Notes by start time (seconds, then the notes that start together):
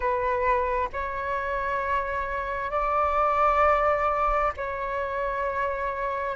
0.00 B4
0.93 C#5
2.70 D5
4.57 C#5